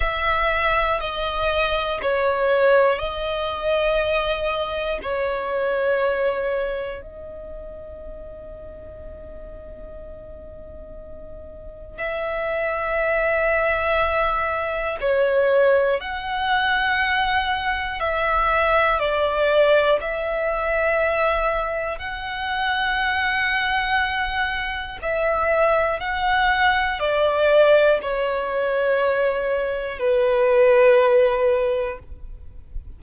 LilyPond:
\new Staff \with { instrumentName = "violin" } { \time 4/4 \tempo 4 = 60 e''4 dis''4 cis''4 dis''4~ | dis''4 cis''2 dis''4~ | dis''1 | e''2. cis''4 |
fis''2 e''4 d''4 | e''2 fis''2~ | fis''4 e''4 fis''4 d''4 | cis''2 b'2 | }